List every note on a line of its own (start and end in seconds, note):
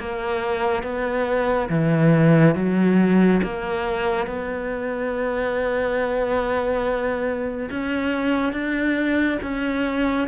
0.00 0.84 A#3
0.84 1.69 B3
1.70 2.56 E3
2.56 3.41 F#3
3.44 4.27 A#3
4.27 7.70 B3
7.71 8.53 C#4
8.53 9.39 D4
9.42 10.28 C#4